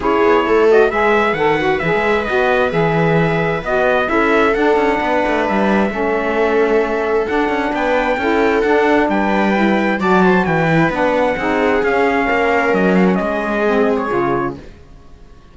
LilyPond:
<<
  \new Staff \with { instrumentName = "trumpet" } { \time 4/4 \tempo 4 = 132 cis''4. dis''8 e''4 fis''4 | e''4 dis''4 e''2 | dis''4 e''4 fis''2 | e''1 |
fis''4 g''2 fis''4 | g''2 a''4 g''4 | fis''2 f''2 | dis''8 f''16 fis''16 dis''4.~ dis''16 cis''4~ cis''16 | }
  \new Staff \with { instrumentName = "viola" } { \time 4/4 gis'4 a'4 b'2~ | b'1~ | b'4 a'2 b'4~ | b'4 a'2.~ |
a'4 b'4 a'2 | b'2 d''8 c''8 b'4~ | b'4 gis'2 ais'4~ | ais'4 gis'2. | }
  \new Staff \with { instrumentName = "saxophone" } { \time 4/4 e'4. fis'8 gis'4 a'8 fis'8 | gis'4 fis'4 gis'2 | fis'4 e'4 d'2~ | d'4 cis'2. |
d'2 e'4 d'4~ | d'4 e'4 fis'4. e'8 | d'4 dis'4 cis'2~ | cis'2 c'4 f'4 | }
  \new Staff \with { instrumentName = "cello" } { \time 4/4 cis'8 b8 a4 gis4 dis4 | e16 gis8. b4 e2 | b4 cis'4 d'8 cis'8 b8 a8 | g4 a2. |
d'8 cis'8 b4 cis'4 d'4 | g2 fis4 e4 | b4 c'4 cis'4 ais4 | fis4 gis2 cis4 | }
>>